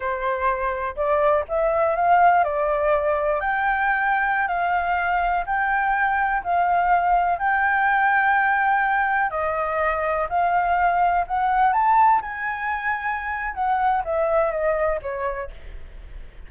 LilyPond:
\new Staff \with { instrumentName = "flute" } { \time 4/4 \tempo 4 = 124 c''2 d''4 e''4 | f''4 d''2 g''4~ | g''4~ g''16 f''2 g''8.~ | g''4~ g''16 f''2 g''8.~ |
g''2.~ g''16 dis''8.~ | dis''4~ dis''16 f''2 fis''8.~ | fis''16 a''4 gis''2~ gis''8. | fis''4 e''4 dis''4 cis''4 | }